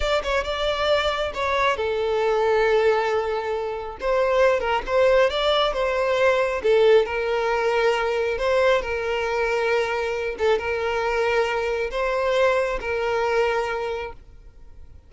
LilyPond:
\new Staff \with { instrumentName = "violin" } { \time 4/4 \tempo 4 = 136 d''8 cis''8 d''2 cis''4 | a'1~ | a'4 c''4. ais'8 c''4 | d''4 c''2 a'4 |
ais'2. c''4 | ais'2.~ ais'8 a'8 | ais'2. c''4~ | c''4 ais'2. | }